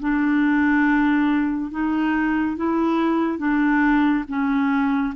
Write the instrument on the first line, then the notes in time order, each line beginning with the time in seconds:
clarinet
0.00 D4
1.71 D#4
2.57 E4
3.39 D4
4.28 C#4